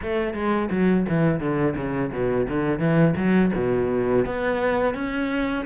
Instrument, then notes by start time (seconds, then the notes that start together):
cello
0.02 A3
0.33 G#3
0.70 F#3
1.08 E3
1.40 D3
1.76 C#3
2.12 B2
2.48 D3
2.79 E3
3.16 F#3
3.55 B2
4.25 B3
4.94 C#4